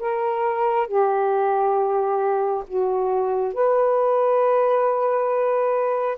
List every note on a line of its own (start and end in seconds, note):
0.00 0.88 A#4
0.88 2.64 G4
2.68 3.54 F#4
3.54 6.18 B4